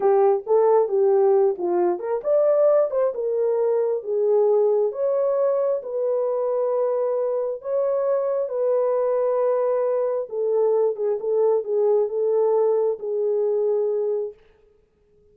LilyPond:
\new Staff \with { instrumentName = "horn" } { \time 4/4 \tempo 4 = 134 g'4 a'4 g'4. f'8~ | f'8 ais'8 d''4. c''8 ais'4~ | ais'4 gis'2 cis''4~ | cis''4 b'2.~ |
b'4 cis''2 b'4~ | b'2. a'4~ | a'8 gis'8 a'4 gis'4 a'4~ | a'4 gis'2. | }